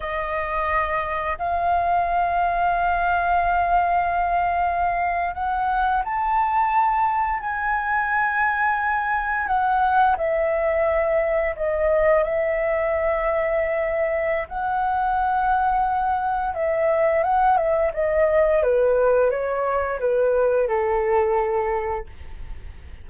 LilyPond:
\new Staff \with { instrumentName = "flute" } { \time 4/4 \tempo 4 = 87 dis''2 f''2~ | f''2.~ f''8. fis''16~ | fis''8. a''2 gis''4~ gis''16~ | gis''4.~ gis''16 fis''4 e''4~ e''16~ |
e''8. dis''4 e''2~ e''16~ | e''4 fis''2. | e''4 fis''8 e''8 dis''4 b'4 | cis''4 b'4 a'2 | }